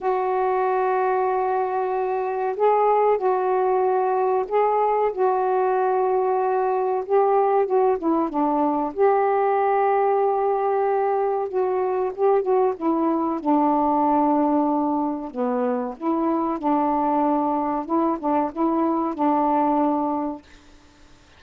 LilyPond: \new Staff \with { instrumentName = "saxophone" } { \time 4/4 \tempo 4 = 94 fis'1 | gis'4 fis'2 gis'4 | fis'2. g'4 | fis'8 e'8 d'4 g'2~ |
g'2 fis'4 g'8 fis'8 | e'4 d'2. | b4 e'4 d'2 | e'8 d'8 e'4 d'2 | }